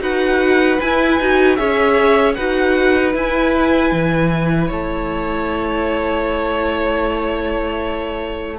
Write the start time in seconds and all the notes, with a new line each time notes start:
0.00 D#4 F#4 B4 F#5
0.81 E4 G#5
1.20 D#4 F#4
1.56 C#4 G#4 C#5 E5
2.35 D#4 F#4 B4 F#5
3.13 E4 G#5
3.92 E3
4.68 A3 C#5 A5